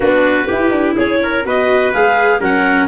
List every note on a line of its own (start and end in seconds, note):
0.00 0.48 B3
0.00 0.47 D4
0.00 0.47 F#4
0.00 0.95 B4
0.47 1.44 E4
0.47 0.70 E4
0.47 0.95 G4
0.70 0.94 D4
0.96 1.45 C#4
0.96 1.20 G#4
0.96 1.45 C#5
1.23 1.46 A#4
1.44 1.93 B3
1.44 1.93 F#4
1.44 2.40 B4
1.44 1.93 D#5
1.93 2.41 G#3
1.93 2.40 G#4
1.93 2.41 F5
2.40 2.87 F#3
2.40 2.87 C#4
2.40 2.87 A#4
2.40 2.87 F#5